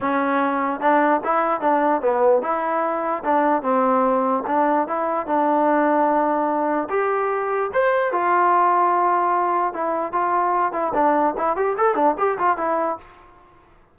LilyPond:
\new Staff \with { instrumentName = "trombone" } { \time 4/4 \tempo 4 = 148 cis'2 d'4 e'4 | d'4 b4 e'2 | d'4 c'2 d'4 | e'4 d'2.~ |
d'4 g'2 c''4 | f'1 | e'4 f'4. e'8 d'4 | e'8 g'8 a'8 d'8 g'8 f'8 e'4 | }